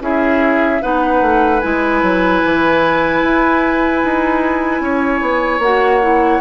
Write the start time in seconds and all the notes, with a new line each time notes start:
0.00 C#4 E4 G#4 E5
0.81 B3 D#4 B4 F#5
1.21 A3
1.60 G#3 E4 G#5
2.02 F#3
2.44 E3
3.22 E4
4.04 D#4
4.80 C#4 C#5
5.21 B3
5.58 A#3 F#4 F#5
6.01 E4